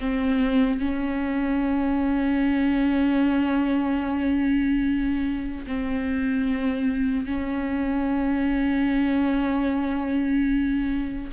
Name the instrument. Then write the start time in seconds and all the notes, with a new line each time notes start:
viola
0.00 C4
0.80 C#4
5.67 C4
7.26 C#4